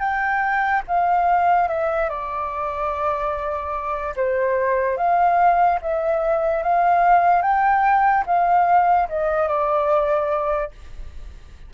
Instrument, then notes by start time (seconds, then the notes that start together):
flute
0.00 G5
0.88 F5
1.68 E5
2.09 D5
4.16 C5
4.97 F5
5.82 E5
6.63 F5
7.42 G5
8.26 F5
9.09 D#5
9.48 D5